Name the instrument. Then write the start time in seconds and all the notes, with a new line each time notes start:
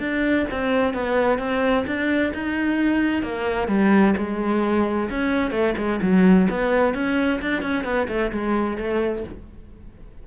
cello
0.00 D4
0.51 C4
0.94 B3
1.39 C4
1.87 D4
2.34 D#4
3.23 A#3
3.68 G3
4.17 G#3
5.10 C#4
5.51 A3
5.77 G#3
6.02 F#3
6.50 B3
6.94 C#4
7.42 D4
7.62 C#4
7.84 B3
8.09 A3
8.32 G#3
8.78 A3